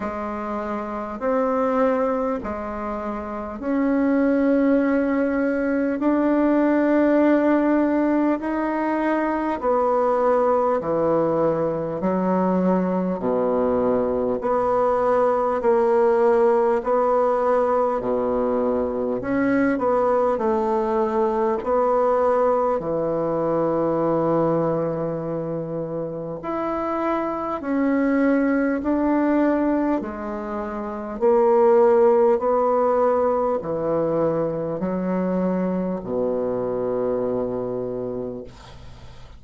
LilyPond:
\new Staff \with { instrumentName = "bassoon" } { \time 4/4 \tempo 4 = 50 gis4 c'4 gis4 cis'4~ | cis'4 d'2 dis'4 | b4 e4 fis4 b,4 | b4 ais4 b4 b,4 |
cis'8 b8 a4 b4 e4~ | e2 e'4 cis'4 | d'4 gis4 ais4 b4 | e4 fis4 b,2 | }